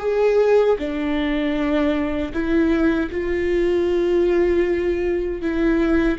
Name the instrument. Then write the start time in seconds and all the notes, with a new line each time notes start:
viola
0.00 G#4
0.79 D4
2.33 E4
3.11 F4
5.42 E4